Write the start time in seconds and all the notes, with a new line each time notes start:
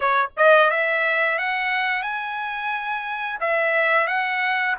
0.00 C#5
0.36 D#5
0.70 E5
1.38 F#5
2.02 G#5
3.40 E5
4.07 F#5